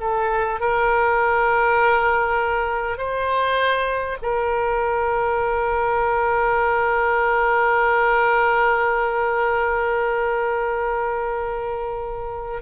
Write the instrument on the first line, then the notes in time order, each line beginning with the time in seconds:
oboe
0.00 A4
0.60 A#4
2.98 C5
4.22 A#4